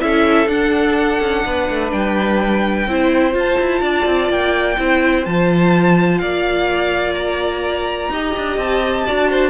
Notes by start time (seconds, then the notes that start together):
0.00 C#4 E4 A4 E5
0.47 D4 F#5
1.21 C#4
1.46 B3 B4
1.70 A3
1.93 G3 G5
2.87 C4 E4 C5
3.33 F4
3.40 A5
3.60 E4
3.82 D4 D5
4.06 C4
4.30 A#3 G5
4.78 C4 E4 C5
5.25 F3 F4 A5
6.19 A#3 D5 F5
7.14 A#5
8.10 D#4 G4 D#5
8.38 D4
8.58 C4 A5
9.06 D4 F#4 D5
9.31 C5